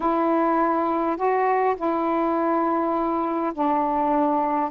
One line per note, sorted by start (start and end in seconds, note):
0.00 1.16 E4
1.16 1.75 F#4
1.76 3.52 E4
3.53 4.70 D4